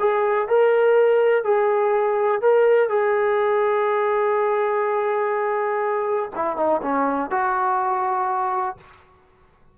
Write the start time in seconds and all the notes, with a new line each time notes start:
0.00 G#4
0.49 A#4
1.44 G#4
2.42 A#4
2.90 G#4
6.36 E4
6.57 D#4
6.83 C#4
7.31 F#4